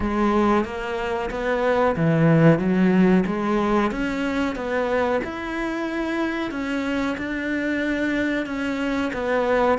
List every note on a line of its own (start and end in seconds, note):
0.00 0.64 G#3
0.65 1.30 A#3
1.30 1.95 B3
1.96 2.58 E3
2.58 3.23 F#3
3.26 3.91 G#3
3.91 4.55 C#4
4.55 5.21 B3
5.24 6.51 E4
6.51 7.16 C#4
7.17 8.46 D4
8.46 9.11 C#4
9.13 9.78 B3